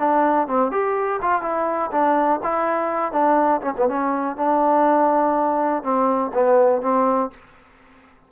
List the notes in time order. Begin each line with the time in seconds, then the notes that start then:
0.00 D4
0.48 C4
0.72 G4
1.22 F4
1.42 E4
1.92 D4
2.43 E4
3.13 D4
3.62 C#4
3.77 B3
3.89 C#4
4.37 D4
5.83 C4
6.34 B3
6.82 C4